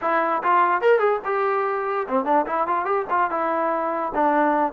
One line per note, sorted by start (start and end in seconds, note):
0.01 0.42 E4
0.43 0.81 F4
0.81 0.99 A#4
0.99 1.19 G#4
1.24 2.07 G4
2.08 2.25 C4
2.25 2.45 D4
2.46 2.67 E4
2.67 2.85 F4
2.85 3.05 G4
3.10 3.30 F4
3.30 4.12 E4
4.14 4.72 D4